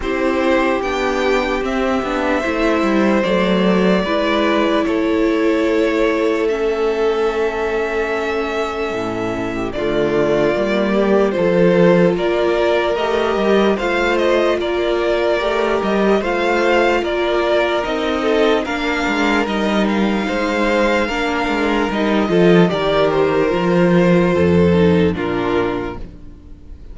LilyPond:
<<
  \new Staff \with { instrumentName = "violin" } { \time 4/4 \tempo 4 = 74 c''4 g''4 e''2 | d''2 cis''2 | e''1 | d''2 c''4 d''4 |
dis''4 f''8 dis''8 d''4. dis''8 | f''4 d''4 dis''4 f''4 | dis''8 f''2~ f''8 dis''4 | d''8 c''2~ c''8 ais'4 | }
  \new Staff \with { instrumentName = "violin" } { \time 4/4 g'2. c''4~ | c''4 b'4 a'2~ | a'2.~ a'8. g'16 | f'4. g'8 a'4 ais'4~ |
ais'4 c''4 ais'2 | c''4 ais'4. a'8 ais'4~ | ais'4 c''4 ais'4. a'8 | ais'2 a'4 f'4 | }
  \new Staff \with { instrumentName = "viola" } { \time 4/4 e'4 d'4 c'8 d'8 e'4 | a4 e'2. | cis'1 | a4 ais4 f'2 |
g'4 f'2 g'4 | f'2 dis'4 d'4 | dis'2 d'4 dis'8 f'8 | g'4 f'4. dis'8 d'4 | }
  \new Staff \with { instrumentName = "cello" } { \time 4/4 c'4 b4 c'8 b8 a8 g8 | fis4 gis4 a2~ | a2. a,4 | d4 g4 f4 ais4 |
a8 g8 a4 ais4 a8 g8 | a4 ais4 c'4 ais8 gis8 | g4 gis4 ais8 gis8 g8 f8 | dis4 f4 f,4 ais,4 | }
>>